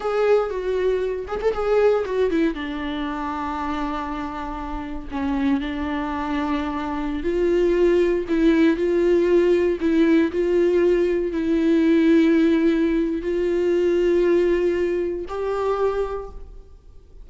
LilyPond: \new Staff \with { instrumentName = "viola" } { \time 4/4 \tempo 4 = 118 gis'4 fis'4. gis'16 a'16 gis'4 | fis'8 e'8 d'2.~ | d'2 cis'4 d'4~ | d'2~ d'16 f'4.~ f'16~ |
f'16 e'4 f'2 e'8.~ | e'16 f'2 e'4.~ e'16~ | e'2 f'2~ | f'2 g'2 | }